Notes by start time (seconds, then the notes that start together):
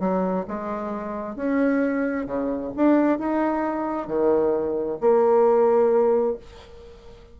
0.00 F#3
0.48 G#3
1.36 C#4
2.26 C#3
2.76 D4
3.19 D#4
4.08 D#3
5.01 A#3